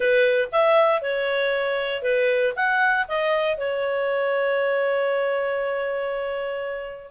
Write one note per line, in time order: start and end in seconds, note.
0.00 0.49 B4
0.52 1.01 E5
1.01 2.02 C#5
2.02 2.53 B4
2.55 3.06 F#5
3.08 3.57 D#5
3.57 7.10 C#5